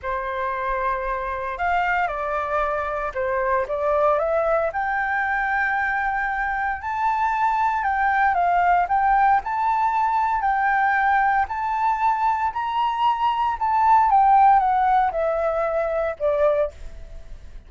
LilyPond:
\new Staff \with { instrumentName = "flute" } { \time 4/4 \tempo 4 = 115 c''2. f''4 | d''2 c''4 d''4 | e''4 g''2.~ | g''4 a''2 g''4 |
f''4 g''4 a''2 | g''2 a''2 | ais''2 a''4 g''4 | fis''4 e''2 d''4 | }